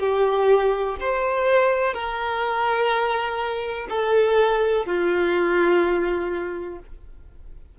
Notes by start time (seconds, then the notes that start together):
0.00 G4
1.00 C5
1.94 A#4
3.90 A4
4.86 F4